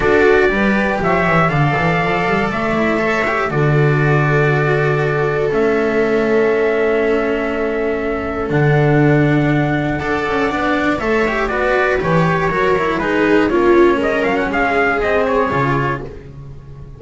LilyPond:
<<
  \new Staff \with { instrumentName = "trumpet" } { \time 4/4 \tempo 4 = 120 d''2 e''4 f''4~ | f''4 e''2 d''4~ | d''2. e''4~ | e''1~ |
e''4 fis''2.~ | fis''2 e''4 d''4 | cis''2 b'4 cis''4 | dis''8 f''16 fis''16 f''4 dis''8 cis''4. | }
  \new Staff \with { instrumentName = "viola" } { \time 4/4 a'4 b'4 cis''4 d''4~ | d''2 cis''4 a'4~ | a'1~ | a'1~ |
a'1 | d''2 cis''4 b'4~ | b'4 ais'4 gis'4 f'4 | ais'4 gis'2. | }
  \new Staff \with { instrumentName = "cello" } { \time 4/4 fis'4 g'2 a'4~ | a'4. e'8 a'8 g'8 fis'4~ | fis'2. cis'4~ | cis'1~ |
cis'4 d'2. | a'4 d'4 a'8 g'8 fis'4 | g'4 fis'8 e'8 dis'4 cis'4~ | cis'2 c'4 f'4 | }
  \new Staff \with { instrumentName = "double bass" } { \time 4/4 d'4 g4 f8 e8 d8 e8 | f8 g8 a2 d4~ | d2. a4~ | a1~ |
a4 d2. | d'8 cis'8 b4 a4 b4 | e4 fis4 gis4 ais4 | gis8 fis8 gis2 cis4 | }
>>